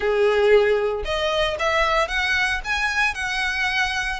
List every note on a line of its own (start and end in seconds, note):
0.00 1.03 G#4
1.04 1.57 D#5
1.59 2.08 E5
2.08 2.60 F#5
2.64 3.14 G#5
3.14 4.19 F#5